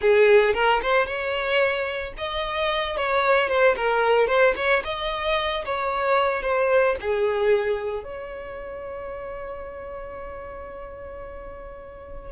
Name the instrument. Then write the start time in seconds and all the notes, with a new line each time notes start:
violin
0.01 G#4
0.54 A#4
0.82 C5
1.06 C#5
2.17 D#5
2.97 C#5
3.48 C5
3.76 A#4
4.27 C5
4.56 C#5
4.84 D#5
5.65 C#5
6.42 C5
7.00 G#4
8.03 C#5